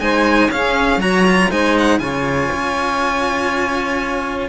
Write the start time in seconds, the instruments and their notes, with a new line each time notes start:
0.00 cello G#3 D#4, saxophone C5, violin G#5
0.47 cello C#4, violin F5
0.54 saxophone G#4
0.97 cello F#3 F#4, saxophone C#5, violin A#5
1.26 cello F4
1.50 cello G#3 D#4, saxophone C5, violin G#5
1.78 violin F#5
1.99 cello C#3 F4, saxophone C#5, violin G#5
2.52 cello C#4